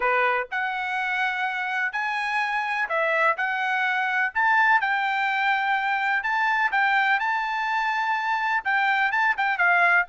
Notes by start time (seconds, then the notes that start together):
0.00 B4
0.51 F#5
1.92 G#5
2.88 E5
3.37 F#5
4.34 A5
4.80 G5
6.23 A5
6.71 G5
7.19 A5
8.64 G5
9.11 A5
9.37 G5
9.58 F5